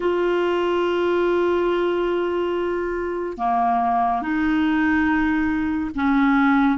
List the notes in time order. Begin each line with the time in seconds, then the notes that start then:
0.00 F4
3.37 A#3
4.21 D#4
5.95 C#4